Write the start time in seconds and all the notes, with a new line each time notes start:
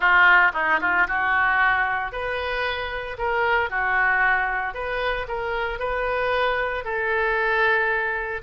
0.00 F4
0.53 D#4
0.80 F4
1.07 F#4
2.12 B4
3.17 A#4
3.70 F#4
4.74 B4
5.28 A#4
5.79 B4
6.84 A4